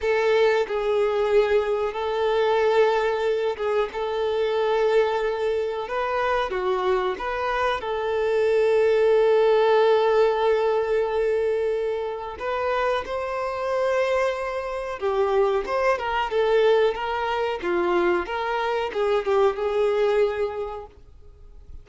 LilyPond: \new Staff \with { instrumentName = "violin" } { \time 4/4 \tempo 4 = 92 a'4 gis'2 a'4~ | a'4. gis'8 a'2~ | a'4 b'4 fis'4 b'4 | a'1~ |
a'2. b'4 | c''2. g'4 | c''8 ais'8 a'4 ais'4 f'4 | ais'4 gis'8 g'8 gis'2 | }